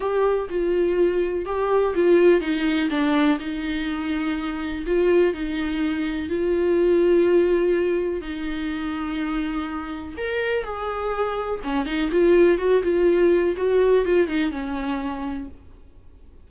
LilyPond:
\new Staff \with { instrumentName = "viola" } { \time 4/4 \tempo 4 = 124 g'4 f'2 g'4 | f'4 dis'4 d'4 dis'4~ | dis'2 f'4 dis'4~ | dis'4 f'2.~ |
f'4 dis'2.~ | dis'4 ais'4 gis'2 | cis'8 dis'8 f'4 fis'8 f'4. | fis'4 f'8 dis'8 cis'2 | }